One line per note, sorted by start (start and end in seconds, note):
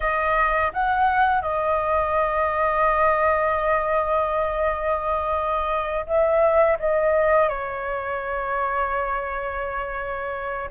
0.00 0.71 D#5
0.73 1.41 F#5
1.41 6.06 D#5
6.06 6.77 E5
6.79 7.48 D#5
7.48 10.70 C#5